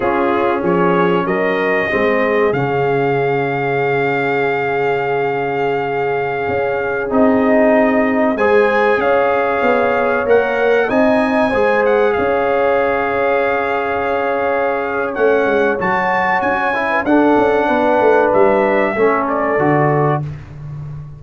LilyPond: <<
  \new Staff \with { instrumentName = "trumpet" } { \time 4/4 \tempo 4 = 95 gis'4 cis''4 dis''2 | f''1~ | f''2.~ f''16 dis''8.~ | dis''4~ dis''16 gis''4 f''4.~ f''16~ |
f''16 fis''4 gis''4. fis''8 f''8.~ | f''1 | fis''4 a''4 gis''4 fis''4~ | fis''4 e''4. d''4. | }
  \new Staff \with { instrumentName = "horn" } { \time 4/4 f'4 gis'4 ais'4 gis'4~ | gis'1~ | gis'1~ | gis'4~ gis'16 c''4 cis''4.~ cis''16~ |
cis''4~ cis''16 dis''4 c''4 cis''8.~ | cis''1~ | cis''2~ cis''8. b'16 a'4 | b'2 a'2 | }
  \new Staff \with { instrumentName = "trombone" } { \time 4/4 cis'2. c'4 | cis'1~ | cis'2.~ cis'16 dis'8.~ | dis'4~ dis'16 gis'2~ gis'8.~ |
gis'16 ais'4 dis'4 gis'4.~ gis'16~ | gis'1 | cis'4 fis'4. e'8 d'4~ | d'2 cis'4 fis'4 | }
  \new Staff \with { instrumentName = "tuba" } { \time 4/4 cis'4 f4 fis4 gis4 | cis1~ | cis2~ cis16 cis'4 c'8.~ | c'4~ c'16 gis4 cis'4 b8.~ |
b16 ais4 c'4 gis4 cis'8.~ | cis'1 | a8 gis8 fis4 cis'4 d'8 cis'8 | b8 a8 g4 a4 d4 | }
>>